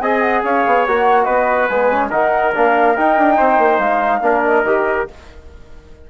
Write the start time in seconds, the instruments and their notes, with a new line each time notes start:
0.00 bassoon C4, trombone G#4, trumpet D#5, flute G#5
0.22 flute F#5
0.44 bassoon C#4, trumpet C#5, flute F5
0.66 bassoon B3
0.87 bassoon A#3, trombone F#4, flute F#5
1.24 bassoon B3, trumpet B4, flute D#5
1.68 bassoon G#3, trombone B3, flute G#5
1.92 trombone C#4
2.10 bassoon D#3, trombone D#4, trumpet A#4, flute F#5
2.54 bassoon A#3, trombone D4, flute F5
2.96 trombone D#4, bassoon D#4, flute G5
3.17 bassoon D4
3.37 bassoon C4, trumpet C5
3.58 bassoon A#3
3.79 bassoon G#3, flute F5
4.21 bassoon A#3, trombone D4, trumpet A#4
4.44 flute D#5
4.64 bassoon D#3, trombone G4